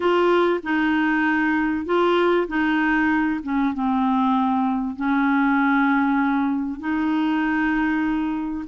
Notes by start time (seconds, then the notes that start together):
0.00 F4
0.63 D#4
1.85 F4
2.47 D#4
3.43 C#4
3.73 C4
4.96 C#4
6.79 D#4